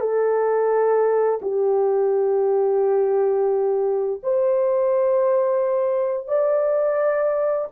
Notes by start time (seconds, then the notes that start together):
0.00 A4
1.42 G4
4.23 C5
6.28 D5